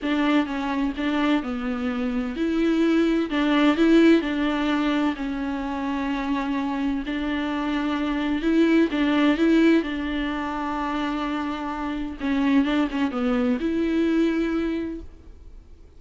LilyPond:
\new Staff \with { instrumentName = "viola" } { \time 4/4 \tempo 4 = 128 d'4 cis'4 d'4 b4~ | b4 e'2 d'4 | e'4 d'2 cis'4~ | cis'2. d'4~ |
d'2 e'4 d'4 | e'4 d'2.~ | d'2 cis'4 d'8 cis'8 | b4 e'2. | }